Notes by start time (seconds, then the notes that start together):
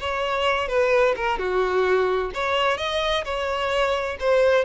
0.00 C#5
0.68 B4
1.16 A#4
1.39 F#4
2.34 C#5
2.78 D#5
3.25 C#5
4.20 C5